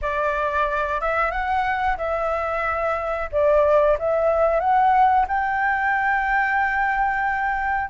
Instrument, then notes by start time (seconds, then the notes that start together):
flute
0.01 D5
1.00 E5
1.31 F#5
1.98 E5
3.31 D5
3.99 E5
4.60 F#5
5.27 G5